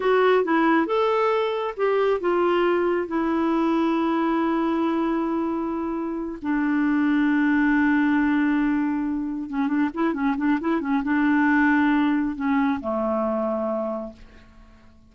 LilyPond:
\new Staff \with { instrumentName = "clarinet" } { \time 4/4 \tempo 4 = 136 fis'4 e'4 a'2 | g'4 f'2 e'4~ | e'1~ | e'2~ e'8 d'4.~ |
d'1~ | d'4. cis'8 d'8 e'8 cis'8 d'8 | e'8 cis'8 d'2. | cis'4 a2. | }